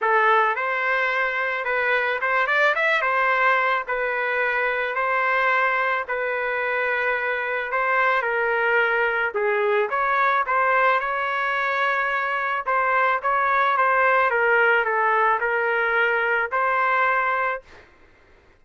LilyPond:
\new Staff \with { instrumentName = "trumpet" } { \time 4/4 \tempo 4 = 109 a'4 c''2 b'4 | c''8 d''8 e''8 c''4. b'4~ | b'4 c''2 b'4~ | b'2 c''4 ais'4~ |
ais'4 gis'4 cis''4 c''4 | cis''2. c''4 | cis''4 c''4 ais'4 a'4 | ais'2 c''2 | }